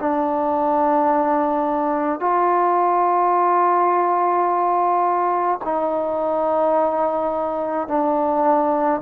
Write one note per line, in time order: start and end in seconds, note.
0.00 2.20 D4
2.20 5.59 F4
5.64 7.88 D#4
7.88 9.01 D4